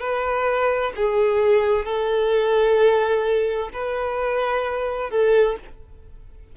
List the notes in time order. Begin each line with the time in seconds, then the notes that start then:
0.00 B4
0.96 G#4
1.85 A4
3.73 B4
5.10 A4